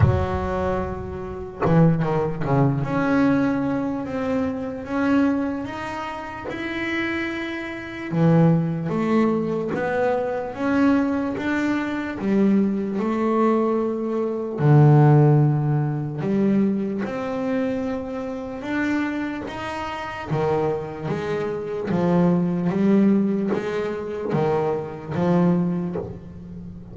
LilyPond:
\new Staff \with { instrumentName = "double bass" } { \time 4/4 \tempo 4 = 74 fis2 e8 dis8 cis8 cis'8~ | cis'4 c'4 cis'4 dis'4 | e'2 e4 a4 | b4 cis'4 d'4 g4 |
a2 d2 | g4 c'2 d'4 | dis'4 dis4 gis4 f4 | g4 gis4 dis4 f4 | }